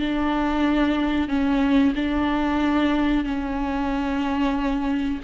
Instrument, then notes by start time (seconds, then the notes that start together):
viola
0.00 D4
1.29 C#4
1.95 D4
3.25 C#4